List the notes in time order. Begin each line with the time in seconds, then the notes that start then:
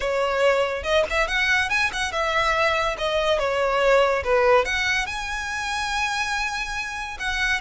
0.00 C#5
0.83 D#5
1.09 E5
1.27 F#5
1.69 G#5
1.92 F#5
2.12 E5
2.98 D#5
3.38 C#5
4.24 B4
4.65 F#5
5.06 G#5
7.19 F#5